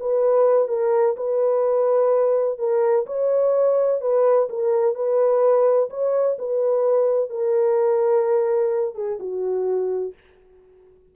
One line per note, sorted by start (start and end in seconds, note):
0.00 0.69 B4
0.69 1.16 A#4
1.17 2.59 B4
2.59 3.06 A#4
3.07 4.01 C#5
4.01 4.48 B4
4.50 4.95 A#4
4.95 5.90 B4
5.90 6.37 C#5
6.39 7.30 B4
7.30 8.95 A#4
8.95 9.19 G#4
9.20 10.14 F#4